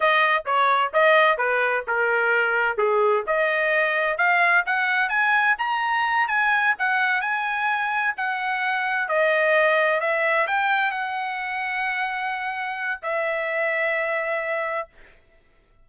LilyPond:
\new Staff \with { instrumentName = "trumpet" } { \time 4/4 \tempo 4 = 129 dis''4 cis''4 dis''4 b'4 | ais'2 gis'4 dis''4~ | dis''4 f''4 fis''4 gis''4 | ais''4. gis''4 fis''4 gis''8~ |
gis''4. fis''2 dis''8~ | dis''4. e''4 g''4 fis''8~ | fis''1 | e''1 | }